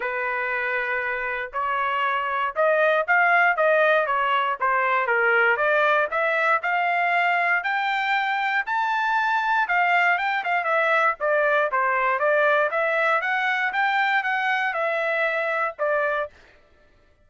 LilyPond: \new Staff \with { instrumentName = "trumpet" } { \time 4/4 \tempo 4 = 118 b'2. cis''4~ | cis''4 dis''4 f''4 dis''4 | cis''4 c''4 ais'4 d''4 | e''4 f''2 g''4~ |
g''4 a''2 f''4 | g''8 f''8 e''4 d''4 c''4 | d''4 e''4 fis''4 g''4 | fis''4 e''2 d''4 | }